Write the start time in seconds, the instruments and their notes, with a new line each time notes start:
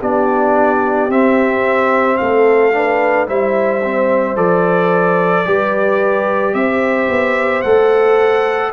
0.00 tuba B3, trombone D4, horn G4, trumpet D5
1.09 tuba C4, trombone C4, trumpet E5
2.17 tuba A3, horn A4, trumpet F5
2.73 trombone D4, horn B4
3.27 tuba G3, trombone E4, horn C5, trumpet E5
3.84 trombone C4
4.36 tuba F3, trombone A4, trumpet D5
5.45 tuba G3, trombone G4, horn B4
6.54 tuba C4, horn C5, trumpet E5
7.09 tuba B3
7.62 tuba A3, trombone A4, trumpet F#5